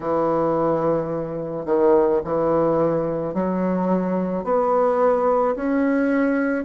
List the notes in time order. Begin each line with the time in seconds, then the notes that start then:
0.00 E3
1.65 D#3
2.24 E3
3.33 F#3
4.43 B3
5.55 C#4